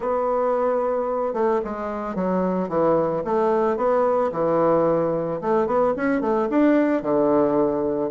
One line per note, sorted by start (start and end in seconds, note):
0.00 1.33 B3
1.33 1.60 A3
1.64 2.15 G#3
2.15 2.69 F#3
2.69 3.23 E3
3.24 3.76 A3
3.76 4.30 B3
4.32 5.40 E3
5.41 5.66 A3
5.66 5.93 B3
5.96 6.21 C#4
6.21 6.48 A3
6.49 7.02 D4
7.02 8.10 D3